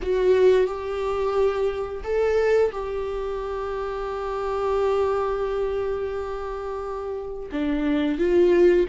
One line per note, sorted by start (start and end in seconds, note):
0.02 0.66 F#4
0.66 2.03 G4
2.03 2.71 A4
2.71 7.49 G4
7.52 8.18 D4
8.18 8.86 F4